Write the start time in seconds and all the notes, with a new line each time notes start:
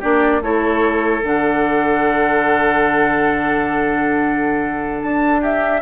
0.00 A#3 D4 G4 D5
0.42 A3 E4 A4 C#5
1.23 D3 D4 F#5
5.02 D4 A5
5.41 G4 E5